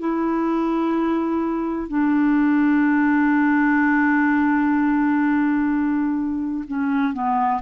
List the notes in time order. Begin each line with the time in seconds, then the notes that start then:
0.00 E4
1.88 D4
6.68 C#4
7.14 B3